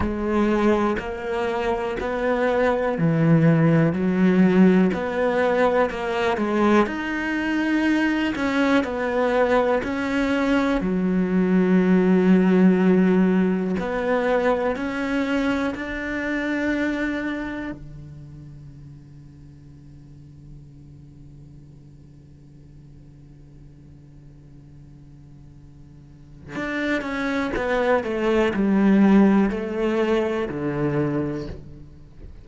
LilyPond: \new Staff \with { instrumentName = "cello" } { \time 4/4 \tempo 4 = 61 gis4 ais4 b4 e4 | fis4 b4 ais8 gis8 dis'4~ | dis'8 cis'8 b4 cis'4 fis4~ | fis2 b4 cis'4 |
d'2 d2~ | d1~ | d2. d'8 cis'8 | b8 a8 g4 a4 d4 | }